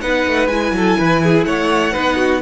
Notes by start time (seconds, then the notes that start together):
0.00 B3 D#4 B4 F#5
0.27 A3
0.47 G#3 E4 G#5
0.71 F#3 A4
0.98 E3 B4
1.23 G#4
1.45 A3 C#5 F#5
1.92 B3 D#4 B4
2.16 F#4